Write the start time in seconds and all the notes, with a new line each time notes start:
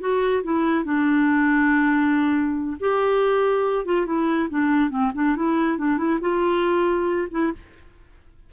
0.00 F#4
0.43 E4
0.85 D4
2.80 G4
3.85 F4
4.06 E4
4.50 D4
4.90 C4
5.14 D4
5.36 E4
5.78 D4
5.98 E4
6.21 F4
7.31 E4